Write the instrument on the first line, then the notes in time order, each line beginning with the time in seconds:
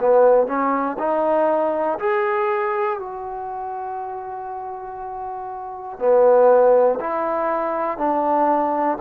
trombone
0.00 B3
0.47 C#4
0.99 D#4
1.99 G#4
3.00 F#4
5.99 B3
7.00 E4
7.98 D4